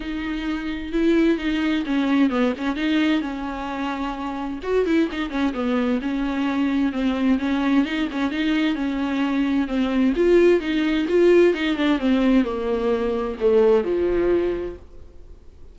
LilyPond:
\new Staff \with { instrumentName = "viola" } { \time 4/4 \tempo 4 = 130 dis'2 e'4 dis'4 | cis'4 b8 cis'8 dis'4 cis'4~ | cis'2 fis'8 e'8 dis'8 cis'8 | b4 cis'2 c'4 |
cis'4 dis'8 cis'8 dis'4 cis'4~ | cis'4 c'4 f'4 dis'4 | f'4 dis'8 d'8 c'4 ais4~ | ais4 a4 f2 | }